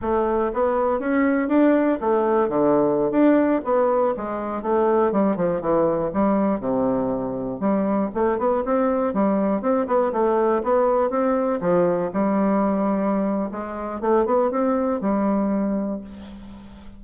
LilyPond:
\new Staff \with { instrumentName = "bassoon" } { \time 4/4 \tempo 4 = 120 a4 b4 cis'4 d'4 | a4 d4~ d16 d'4 b8.~ | b16 gis4 a4 g8 f8 e8.~ | e16 g4 c2 g8.~ |
g16 a8 b8 c'4 g4 c'8 b16~ | b16 a4 b4 c'4 f8.~ | f16 g2~ g8. gis4 | a8 b8 c'4 g2 | }